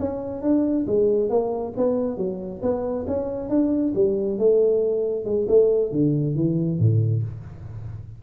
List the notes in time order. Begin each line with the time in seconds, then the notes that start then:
0.00 C#4
0.42 D4
0.87 G#3
1.30 A#3
1.77 B3
2.17 F#3
2.62 B3
3.08 C#4
3.50 D4
3.95 G3
4.39 A3
5.25 G#3
5.49 A3
5.92 D3
6.36 E3
6.80 A2